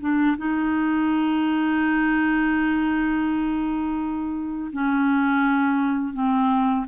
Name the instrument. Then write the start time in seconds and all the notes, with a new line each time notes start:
clarinet
0.00 D4
0.37 D#4
4.72 C#4
6.13 C4